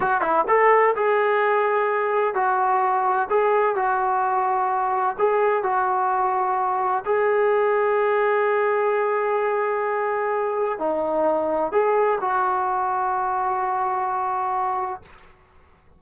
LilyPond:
\new Staff \with { instrumentName = "trombone" } { \time 4/4 \tempo 4 = 128 fis'8 e'8 a'4 gis'2~ | gis'4 fis'2 gis'4 | fis'2. gis'4 | fis'2. gis'4~ |
gis'1~ | gis'2. dis'4~ | dis'4 gis'4 fis'2~ | fis'1 | }